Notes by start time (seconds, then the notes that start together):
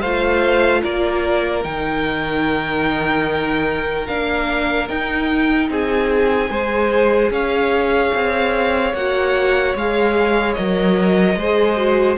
0.00 A3 F4 C5 F5
0.82 A#3 A#4 D5
1.64 D#3 D#4 G5
4.07 A#3 D4 F5
4.89 D#4 G5
5.70 C4 G#4 G#5
6.49 G#3 G#4 C5
7.31 C#4 C#5 F5
8.15 C4
8.94 A#3 F#4 F#5
9.75 G#3 G#4 F5
10.54 F#3 A#4 D#5
11.36 G#3 G#4 C5
11.77 F#4